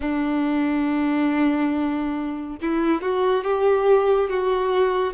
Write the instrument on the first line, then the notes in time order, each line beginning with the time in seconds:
violin
0.00 D4
2.61 E4
3.01 F#4
3.44 G4
4.29 F#4